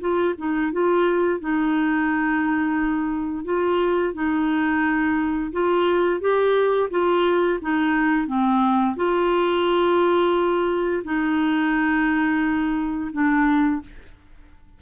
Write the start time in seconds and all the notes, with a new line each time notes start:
0.00 F4
0.38 D#4
0.72 F4
1.40 D#4
3.45 F4
4.14 D#4
5.52 F4
6.20 G4
6.90 F4
7.61 D#4
8.27 C4
8.96 F4
11.04 D#4
13.12 D4